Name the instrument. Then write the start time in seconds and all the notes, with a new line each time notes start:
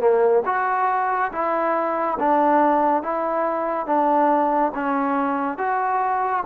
trombone
0.00 A#3
0.46 F#4
1.32 E4
2.19 D4
3.02 E4
3.86 D4
4.74 C#4
5.58 F#4